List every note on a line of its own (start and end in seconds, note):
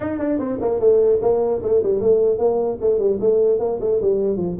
0.00 0.18 D#4
0.18 0.38 D4
0.38 0.58 C4
0.61 0.80 A#3
0.80 1.20 A3
1.21 1.61 A#3
1.62 1.82 A3
1.82 2.01 G3
2.01 2.38 A3
2.38 2.78 A#3
2.80 2.99 A3
2.99 3.19 G3
3.20 3.59 A3
3.59 3.79 A#3
3.80 4.00 A3
4.01 4.37 G3
4.37 4.57 F3